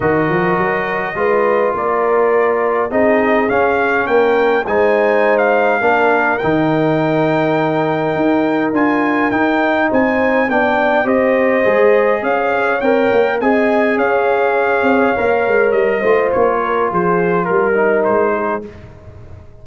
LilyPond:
<<
  \new Staff \with { instrumentName = "trumpet" } { \time 4/4 \tempo 4 = 103 dis''2. d''4~ | d''4 dis''4 f''4 g''4 | gis''4~ gis''16 f''4.~ f''16 g''4~ | g''2. gis''4 |
g''4 gis''4 g''4 dis''4~ | dis''4 f''4 g''4 gis''4 | f''2. dis''4 | cis''4 c''4 ais'4 c''4 | }
  \new Staff \with { instrumentName = "horn" } { \time 4/4 ais'2 b'4 ais'4~ | ais'4 gis'2 ais'4 | c''2 ais'2~ | ais'1~ |
ais'4 c''4 d''4 c''4~ | c''4 cis''2 dis''4 | cis''2.~ cis''8 c''8~ | c''8 ais'8 gis'4 ais'4. gis'8 | }
  \new Staff \with { instrumentName = "trombone" } { \time 4/4 fis'2 f'2~ | f'4 dis'4 cis'2 | dis'2 d'4 dis'4~ | dis'2. f'4 |
dis'2 d'4 g'4 | gis'2 ais'4 gis'4~ | gis'2 ais'4. f'8~ | f'2~ f'8 dis'4. | }
  \new Staff \with { instrumentName = "tuba" } { \time 4/4 dis8 f8 fis4 gis4 ais4~ | ais4 c'4 cis'4 ais4 | gis2 ais4 dis4~ | dis2 dis'4 d'4 |
dis'4 c'4 b4 c'4 | gis4 cis'4 c'8 ais8 c'4 | cis'4. c'8 ais8 gis8 g8 a8 | ais4 f4 g4 gis4 | }
>>